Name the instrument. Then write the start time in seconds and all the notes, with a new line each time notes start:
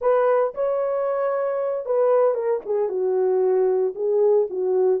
horn
0.01 B4
0.54 C#5
1.85 B4
2.34 A#4
2.65 G#4
2.88 F#4
3.95 G#4
4.50 F#4